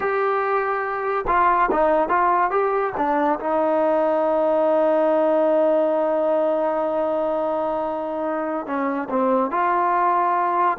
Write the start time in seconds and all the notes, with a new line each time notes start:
0.00 G4
1.27 F4
1.71 D#4
2.09 F4
2.50 G4
2.97 D4
3.39 D#4
8.66 C#4
9.09 C4
9.50 F4